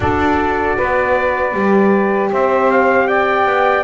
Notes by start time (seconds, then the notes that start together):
0.00 D4 F#4 A4 D5
0.76 B3 B4
1.53 G3 G4
2.31 C4 C5 E5
2.71 F5
3.07 D5 G5
3.45 B3